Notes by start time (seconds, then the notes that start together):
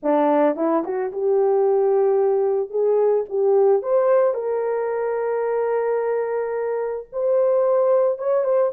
0.02 D4
0.56 E4
0.84 F#4
1.12 G4
2.70 G#4
3.29 G4
3.82 C5
4.34 A#4
7.12 C5
8.18 C#5
8.44 C5